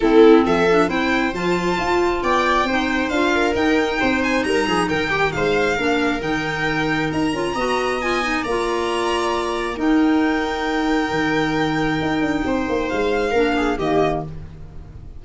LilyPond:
<<
  \new Staff \with { instrumentName = "violin" } { \time 4/4 \tempo 4 = 135 a'4 e''4 g''4 a''4~ | a''4 g''2 f''4 | g''4. gis''8 ais''4 g''4 | f''2 g''2 |
ais''2 gis''4 ais''4~ | ais''2 g''2~ | g''1~ | g''4 f''2 dis''4 | }
  \new Staff \with { instrumentName = "viola" } { \time 4/4 e'4 a'4 c''2~ | c''4 d''4 c''4. ais'8~ | ais'4 c''4 ais'8 gis'8 ais'8 g'8 | c''4 ais'2.~ |
ais'4 dis''2 d''4~ | d''2 ais'2~ | ais'1 | c''2 ais'8 gis'8 g'4 | }
  \new Staff \with { instrumentName = "clarinet" } { \time 4/4 c'4. d'8 e'4 f'4~ | f'2 dis'4 f'4 | dis'1~ | dis'4 d'4 dis'2~ |
dis'8 f'8 fis'4 f'8 dis'8 f'4~ | f'2 dis'2~ | dis'1~ | dis'2 d'4 ais4 | }
  \new Staff \with { instrumentName = "tuba" } { \time 4/4 a4 f4 c'4 f4 | f'4 b4 c'4 d'4 | dis'4 c'4 g8 f8 dis4 | gis4 ais4 dis2 |
dis'8 cis'8 b2 ais4~ | ais2 dis'2~ | dis'4 dis2 dis'8 d'8 | c'8 ais8 gis4 ais4 dis4 | }
>>